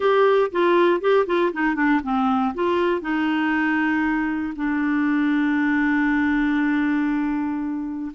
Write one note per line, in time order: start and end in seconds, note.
0.00 0.51 G4
0.51 1.00 F4
1.00 1.26 G4
1.26 1.51 F4
1.53 1.75 D#4
1.75 2.00 D4
2.03 2.54 C4
2.54 3.01 F4
3.01 4.53 D#4
4.56 8.11 D4